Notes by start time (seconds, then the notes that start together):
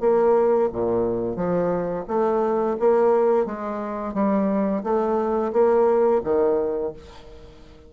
0.00 A#3
0.72 A#2
1.36 F3
2.08 A3
2.79 A#3
3.45 G#3
4.13 G3
4.83 A3
5.52 A#3
6.24 D#3